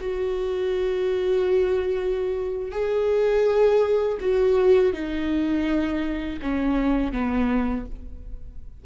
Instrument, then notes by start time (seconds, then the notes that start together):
viola
0.00 F#4
2.71 G#4
4.20 F#4
4.93 D#4
6.42 C#4
7.12 B3